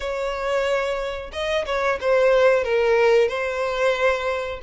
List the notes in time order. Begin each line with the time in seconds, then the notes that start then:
0.00 C#5
1.32 D#5
1.65 C#5
2.00 C5
2.64 A#4
3.28 C5